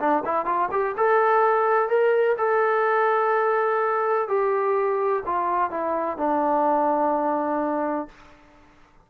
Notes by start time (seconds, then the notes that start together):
0.00 D4
0.25 E4
0.46 F4
0.72 G4
0.97 A4
1.89 A#4
2.38 A4
4.29 G4
5.26 F4
5.71 E4
6.18 D4